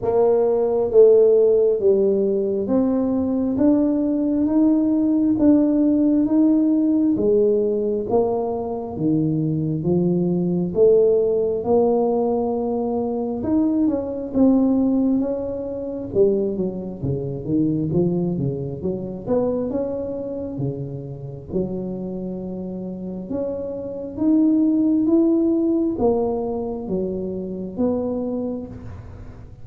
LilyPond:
\new Staff \with { instrumentName = "tuba" } { \time 4/4 \tempo 4 = 67 ais4 a4 g4 c'4 | d'4 dis'4 d'4 dis'4 | gis4 ais4 dis4 f4 | a4 ais2 dis'8 cis'8 |
c'4 cis'4 g8 fis8 cis8 dis8 | f8 cis8 fis8 b8 cis'4 cis4 | fis2 cis'4 dis'4 | e'4 ais4 fis4 b4 | }